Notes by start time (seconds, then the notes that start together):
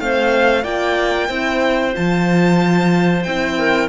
0.00 A3 C4 C5 F5
0.63 A#3 F4 D5 G5
1.28 C4 E4 C5
1.93 F3 F4 A5
3.23 C4 E4 G5
3.58 A#4